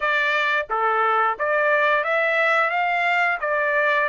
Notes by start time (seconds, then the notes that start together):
0.00 D5
0.69 A4
1.39 D5
2.04 E5
2.70 F5
3.40 D5